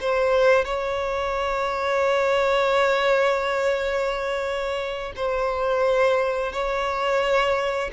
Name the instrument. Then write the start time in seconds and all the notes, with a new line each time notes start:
violin
0.00 C5
0.64 C#5
5.16 C5
6.52 C#5